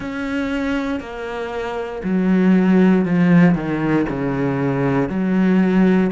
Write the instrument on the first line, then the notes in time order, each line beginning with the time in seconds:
cello
0.00 C#4
1.00 A#3
2.03 F#3
3.05 F3
3.54 D#3
4.09 C#3
5.09 F#3